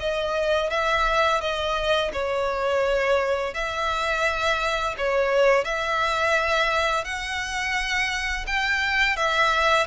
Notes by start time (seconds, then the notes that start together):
0.00 D#5
0.71 E5
1.41 D#5
2.13 C#5
3.55 E5
4.98 C#5
5.65 E5
7.05 F#5
8.47 G5
9.17 E5